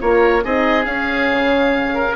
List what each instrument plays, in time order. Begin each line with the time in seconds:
0.00 bassoon A#3, horn F4, oboe A#4 C#5
0.44 bassoon C4, horn D#4, oboe G#4 D#5
0.84 horn C#4, bassoon C#4, oboe F5
1.31 bassoon C#3
1.94 oboe A#4